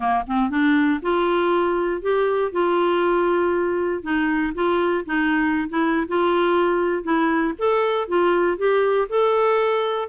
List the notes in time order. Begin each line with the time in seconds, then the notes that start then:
0.00 A#3
0.27 C4
0.50 D4
1.02 F4
2.01 G4
2.52 F4
4.02 D#4
4.54 F4
5.05 D#4
5.69 E4
6.08 F4
7.03 E4
7.58 A4
8.08 F4
8.57 G4
9.09 A4